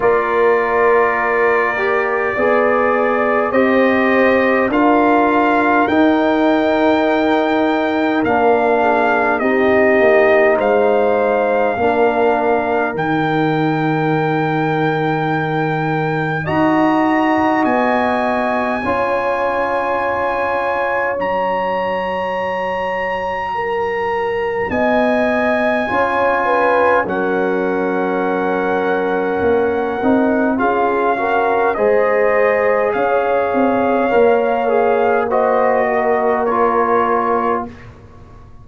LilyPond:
<<
  \new Staff \with { instrumentName = "trumpet" } { \time 4/4 \tempo 4 = 51 d''2. dis''4 | f''4 g''2 f''4 | dis''4 f''2 g''4~ | g''2 ais''4 gis''4~ |
gis''2 ais''2~ | ais''4 gis''2 fis''4~ | fis''2 f''4 dis''4 | f''2 dis''4 cis''4 | }
  \new Staff \with { instrumentName = "horn" } { \time 4/4 ais'2 d''4 c''4 | ais'2.~ ais'8 gis'8 | g'4 c''4 ais'2~ | ais'2 dis''2 |
cis''1 | ais'4 dis''4 cis''8 b'8 ais'4~ | ais'2 gis'8 ais'8 c''4 | cis''2 c''8 ais'4. | }
  \new Staff \with { instrumentName = "trombone" } { \time 4/4 f'4. g'8 gis'4 g'4 | f'4 dis'2 d'4 | dis'2 d'4 dis'4~ | dis'2 fis'2 |
f'2 fis'2~ | fis'2 f'4 cis'4~ | cis'4. dis'8 f'8 fis'8 gis'4~ | gis'4 ais'8 gis'8 fis'4 f'4 | }
  \new Staff \with { instrumentName = "tuba" } { \time 4/4 ais2 b4 c'4 | d'4 dis'2 ais4 | c'8 ais8 gis4 ais4 dis4~ | dis2 dis'4 b4 |
cis'2 fis2~ | fis4 b4 cis'4 fis4~ | fis4 ais8 c'8 cis'4 gis4 | cis'8 c'8 ais2. | }
>>